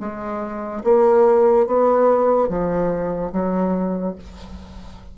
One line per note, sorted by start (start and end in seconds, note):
0.00 0.83 G#3
0.84 1.67 A#3
1.67 2.49 B3
2.49 3.32 F3
3.33 4.16 F#3